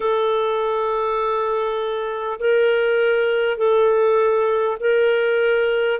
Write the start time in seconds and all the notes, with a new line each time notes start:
0.00 A4
2.39 A#4
3.57 A4
4.80 A#4